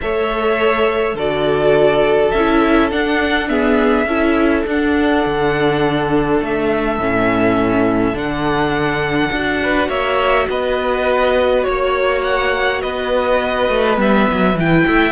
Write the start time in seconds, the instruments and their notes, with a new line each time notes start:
0.01 cello A3, viola A4, violin C#5 E5
1.14 cello D3, viola F#4, violin A4 D5
2.31 cello C#4, violin E5
2.37 viola E4
2.91 cello D4, viola D4, violin F#5
3.48 viola B3, violin G#4 E5
4.05 cello C#4, viola E4, violin A4
4.66 cello D4, viola D4, violin F#5
5.25 cello D3
6.41 cello A3, violin E5
6.98 cello A2, viola C#4
8.13 cello D3, viola D4, violin F#5
9.31 cello D4, viola F#4
9.62 violin B4
9.88 cello A#3, violin C#5 E5
10.49 cello B3, violin B4 D#5
11.63 cello A#3, violin C#5
12.23 violin F#5
12.81 cello B3, violin B4 D#5
13.68 cello A3
13.95 cello G3, viola B3, violin E5
14.31 cello F#3
14.55 cello E3, viola E4, violin G5
14.87 cello A3, violin E5